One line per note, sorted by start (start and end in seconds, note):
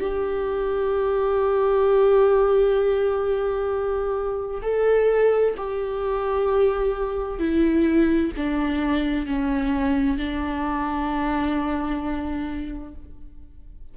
0.00 4.62 G4
4.62 5.55 A4
5.57 7.39 G4
7.39 8.31 E4
8.37 9.26 D4
9.26 10.17 C#4
10.17 12.94 D4